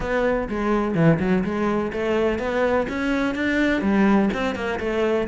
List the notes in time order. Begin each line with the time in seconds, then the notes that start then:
0.00 B3
0.48 G#3
0.94 E3
1.19 F#3
1.44 G#3
1.92 A3
2.38 B3
2.88 C#4
3.35 D4
3.81 G3
4.33 C4
4.55 A#3
4.79 A3